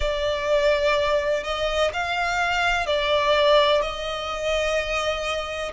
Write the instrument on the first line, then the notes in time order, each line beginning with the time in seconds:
violin
0.00 D5
1.43 D#5
1.93 F5
2.86 D5
3.81 D#5